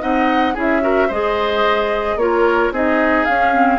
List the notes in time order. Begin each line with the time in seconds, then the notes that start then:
0.00 C4 D#4 D#5 F#5
0.54 C#4 E4 G#4
0.60 E5
0.81 F#4 A#4
1.08 G#3 G#4 C5 D#5
2.16 A#3 F4 A#4 C#5
2.72 C4 D#4 G#4 D#5
3.25 C#4 F5
3.53 C4